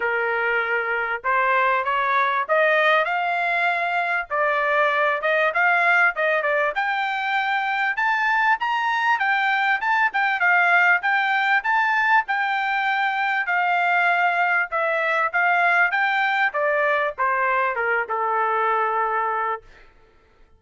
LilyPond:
\new Staff \with { instrumentName = "trumpet" } { \time 4/4 \tempo 4 = 98 ais'2 c''4 cis''4 | dis''4 f''2 d''4~ | d''8 dis''8 f''4 dis''8 d''8 g''4~ | g''4 a''4 ais''4 g''4 |
a''8 g''8 f''4 g''4 a''4 | g''2 f''2 | e''4 f''4 g''4 d''4 | c''4 ais'8 a'2~ a'8 | }